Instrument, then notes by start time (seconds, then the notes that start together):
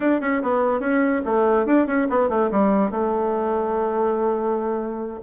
bassoon
0.00 D4
0.21 C#4
0.42 B3
0.80 C#4
1.25 A3
1.66 D4
1.86 C#4
2.09 B3
2.29 A3
2.51 G3
2.90 A3